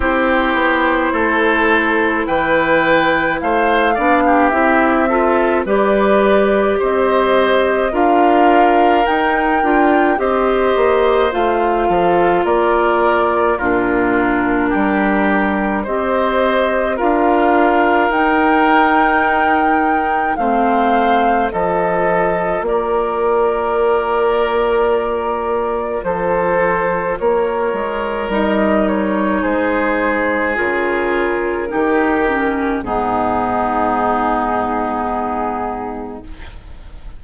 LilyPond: <<
  \new Staff \with { instrumentName = "flute" } { \time 4/4 \tempo 4 = 53 c''2 g''4 f''4 | e''4 d''4 dis''4 f''4 | g''4 dis''4 f''4 d''4 | ais'2 dis''4 f''4 |
g''2 f''4 dis''4 | d''2. c''4 | cis''4 dis''8 cis''8 c''4 ais'4~ | ais'4 gis'2. | }
  \new Staff \with { instrumentName = "oboe" } { \time 4/4 g'4 a'4 b'4 c''8 d''16 g'16~ | g'8 a'8 b'4 c''4 ais'4~ | ais'4 c''4. a'8 ais'4 | f'4 g'4 c''4 ais'4~ |
ais'2 c''4 a'4 | ais'2. a'4 | ais'2 gis'2 | g'4 dis'2. | }
  \new Staff \with { instrumentName = "clarinet" } { \time 4/4 e'2.~ e'8 d'8 | e'8 f'8 g'2 f'4 | dis'8 f'8 g'4 f'2 | d'2 g'4 f'4 |
dis'2 c'4 f'4~ | f'1~ | f'4 dis'2 f'4 | dis'8 cis'8 b2. | }
  \new Staff \with { instrumentName = "bassoon" } { \time 4/4 c'8 b8 a4 e4 a8 b8 | c'4 g4 c'4 d'4 | dis'8 d'8 c'8 ais8 a8 f8 ais4 | ais,4 g4 c'4 d'4 |
dis'2 a4 f4 | ais2. f4 | ais8 gis8 g4 gis4 cis4 | dis4 gis,2. | }
>>